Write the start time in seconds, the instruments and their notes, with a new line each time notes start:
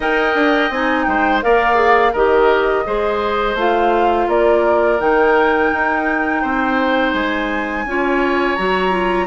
0.00 bassoon D#4, clarinet A#4, oboe D#5, flute G5
0.34 bassoon D4
0.70 bassoon C4, clarinet D#4, flute G#5
1.03 bassoon G#3, oboe C5, flute G5
1.41 bassoon A#3, clarinet A#4, oboe D5, flute F5
1.74 clarinet G#4
2.12 bassoon D#3, clarinet G4, oboe A#4, flute D#5
2.85 bassoon G#3, clarinet G#4, oboe C5
3.54 bassoon A3, clarinet F4, flute F5
4.28 bassoon A#3, oboe A#4, flute D5
4.99 bassoon D#3, clarinet D#4, flute G5
5.72 bassoon D#4
6.41 bassoon C4, oboe C5
7.13 bassoon G#3, flute G#5
7.85 bassoon C#4, clarinet F4, oboe C#5
8.55 bassoon F#3, clarinet F#4, flute A#5
8.90 clarinet F4